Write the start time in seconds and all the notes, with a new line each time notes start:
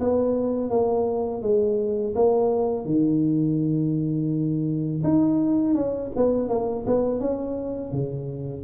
0.00 B3
0.70 A#3
1.42 G#3
2.15 A#3
2.86 D#3
5.04 D#4
5.75 C#4
6.16 B3
6.49 A#3
6.86 B3
7.20 C#4
7.92 C#3